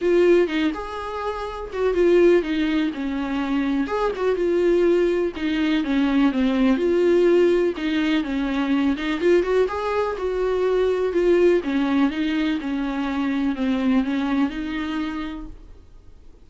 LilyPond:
\new Staff \with { instrumentName = "viola" } { \time 4/4 \tempo 4 = 124 f'4 dis'8 gis'2 fis'8 | f'4 dis'4 cis'2 | gis'8 fis'8 f'2 dis'4 | cis'4 c'4 f'2 |
dis'4 cis'4. dis'8 f'8 fis'8 | gis'4 fis'2 f'4 | cis'4 dis'4 cis'2 | c'4 cis'4 dis'2 | }